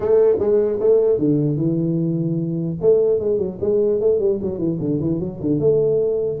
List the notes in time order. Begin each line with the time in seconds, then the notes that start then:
0.00 A3
0.39 G#3
0.79 A3
1.18 D3
1.56 E3
2.81 A3
3.19 G#3
3.38 F#3
3.60 G#3
4.00 A3
4.19 G3
4.41 F#3
4.58 E3
4.80 D3
5.00 E3
5.19 F#3
5.40 D3
5.59 A3